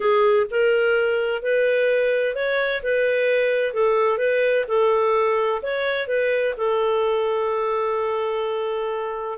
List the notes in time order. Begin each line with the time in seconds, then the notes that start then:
0.00 G#4
0.50 A#4
1.42 B4
2.35 C#5
2.83 B4
3.73 A4
4.18 B4
4.68 A4
5.62 C#5
6.07 B4
6.57 A4